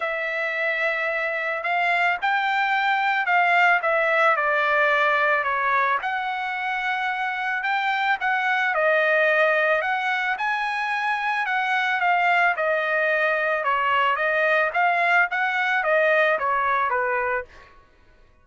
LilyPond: \new Staff \with { instrumentName = "trumpet" } { \time 4/4 \tempo 4 = 110 e''2. f''4 | g''2 f''4 e''4 | d''2 cis''4 fis''4~ | fis''2 g''4 fis''4 |
dis''2 fis''4 gis''4~ | gis''4 fis''4 f''4 dis''4~ | dis''4 cis''4 dis''4 f''4 | fis''4 dis''4 cis''4 b'4 | }